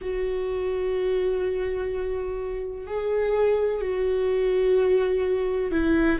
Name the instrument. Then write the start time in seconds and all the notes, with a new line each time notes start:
viola
0.01 F#4
2.87 G#4
3.81 F#4
5.71 E4